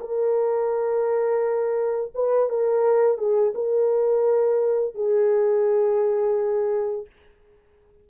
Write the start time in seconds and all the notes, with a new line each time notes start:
0.00 A#4
2.14 B4
2.49 A#4
3.17 G#4
3.54 A#4
4.94 G#4